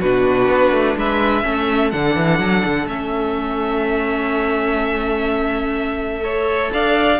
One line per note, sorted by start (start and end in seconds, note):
0.00 0.49 B2
0.00 1.43 D4
0.00 0.96 F#4
0.00 0.97 B4
0.49 0.72 B3
0.72 0.96 A3
0.97 1.45 G#3
0.97 1.44 B4
0.97 1.91 E5
1.43 1.93 A3
1.43 1.91 C#4
1.43 6.24 A4
1.91 2.16 D3
1.91 2.88 D4
1.91 2.87 F#5
2.16 2.39 E3
2.39 2.63 F#3
2.65 2.86 D3
2.86 6.70 A3
2.86 6.20 C#4
2.86 6.72 E5
6.20 7.16 A4
6.20 6.72 C#5
6.74 7.20 D4
6.74 7.20 D5
6.74 7.20 F5